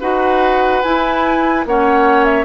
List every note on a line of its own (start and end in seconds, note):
0.00 0.83 D#4
0.00 0.83 F#4
0.00 1.64 B4
0.00 0.82 F#5
0.82 1.65 E4
0.82 1.64 G#5
1.65 2.45 A#3
1.65 2.45 C#4
1.65 2.45 C#5
1.65 2.24 F#5
2.24 2.45 E5